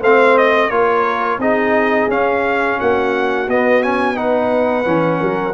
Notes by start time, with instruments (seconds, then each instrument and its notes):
0.00 tuba A3, trombone C4, horn C5, trumpet F5
0.38 trumpet D#5
0.70 tuba A#3, trombone F4, horn A#4, trumpet C#5
1.38 tuba C4, trombone D#4, horn G#4, trumpet D#5
2.08 tuba C#4, trombone C#4, trumpet F5
2.79 tuba A#3, horn F#4, trumpet F#5
3.48 tuba B3, trombone B3, trumpet D#5
3.83 trombone C#4, trumpet G#5
4.15 trombone D#4, horn B4, trumpet F#5
4.84 tuba E3, trombone C#4
5.20 tuba F#3, horn A#4